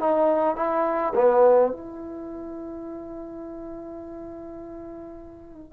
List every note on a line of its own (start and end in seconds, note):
0.00 0.56 D#4
0.56 1.14 E4
1.15 1.72 B3
1.72 5.73 E4